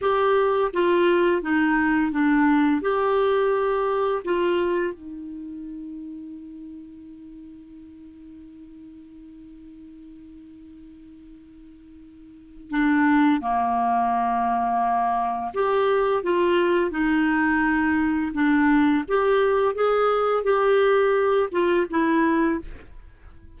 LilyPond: \new Staff \with { instrumentName = "clarinet" } { \time 4/4 \tempo 4 = 85 g'4 f'4 dis'4 d'4 | g'2 f'4 dis'4~ | dis'1~ | dis'1~ |
dis'2 d'4 ais4~ | ais2 g'4 f'4 | dis'2 d'4 g'4 | gis'4 g'4. f'8 e'4 | }